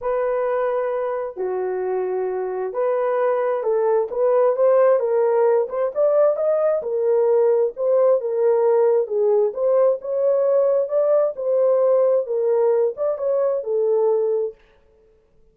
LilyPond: \new Staff \with { instrumentName = "horn" } { \time 4/4 \tempo 4 = 132 b'2. fis'4~ | fis'2 b'2 | a'4 b'4 c''4 ais'4~ | ais'8 c''8 d''4 dis''4 ais'4~ |
ais'4 c''4 ais'2 | gis'4 c''4 cis''2 | d''4 c''2 ais'4~ | ais'8 d''8 cis''4 a'2 | }